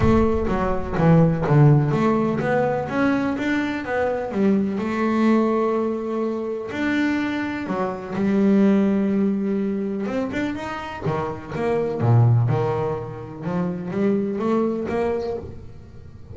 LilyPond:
\new Staff \with { instrumentName = "double bass" } { \time 4/4 \tempo 4 = 125 a4 fis4 e4 d4 | a4 b4 cis'4 d'4 | b4 g4 a2~ | a2 d'2 |
fis4 g2.~ | g4 c'8 d'8 dis'4 dis4 | ais4 ais,4 dis2 | f4 g4 a4 ais4 | }